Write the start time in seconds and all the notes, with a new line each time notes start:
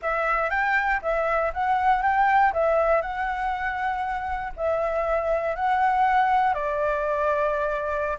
0.02 E5
0.50 G5
1.02 E5
1.53 F#5
2.02 G5
2.53 E5
3.01 F#5
4.56 E5
5.55 F#5
6.53 D5